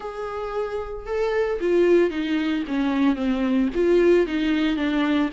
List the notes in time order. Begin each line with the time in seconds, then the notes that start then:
0.00 G#4
1.06 A4
1.60 F4
2.10 D#4
2.67 C#4
3.15 C4
3.74 F4
4.26 D#4
4.76 D4